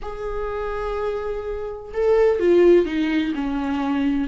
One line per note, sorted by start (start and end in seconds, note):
0.02 1.92 G#4
1.93 2.39 A4
2.39 2.85 F4
2.85 3.33 D#4
3.34 4.27 C#4